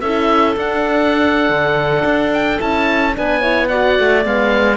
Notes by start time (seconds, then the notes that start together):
0.00 C#4 E4 A4 E5
0.56 D4 F#5
1.49 D3
2.04 D4
2.33 G5
2.58 C#4 E4 A5
3.14 B3 D4 B4 G#5
3.40 E4 C#5
3.68 F#4 D5 F#5
3.99 A3
4.23 G#3 B3 F5